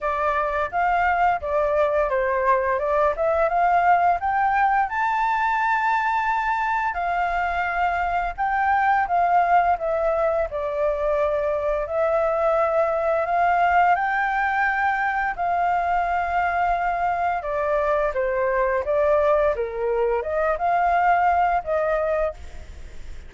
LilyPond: \new Staff \with { instrumentName = "flute" } { \time 4/4 \tempo 4 = 86 d''4 f''4 d''4 c''4 | d''8 e''8 f''4 g''4 a''4~ | a''2 f''2 | g''4 f''4 e''4 d''4~ |
d''4 e''2 f''4 | g''2 f''2~ | f''4 d''4 c''4 d''4 | ais'4 dis''8 f''4. dis''4 | }